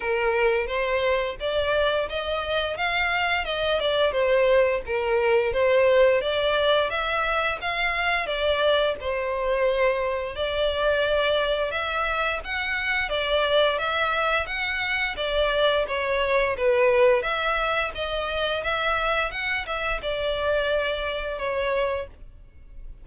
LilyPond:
\new Staff \with { instrumentName = "violin" } { \time 4/4 \tempo 4 = 87 ais'4 c''4 d''4 dis''4 | f''4 dis''8 d''8 c''4 ais'4 | c''4 d''4 e''4 f''4 | d''4 c''2 d''4~ |
d''4 e''4 fis''4 d''4 | e''4 fis''4 d''4 cis''4 | b'4 e''4 dis''4 e''4 | fis''8 e''8 d''2 cis''4 | }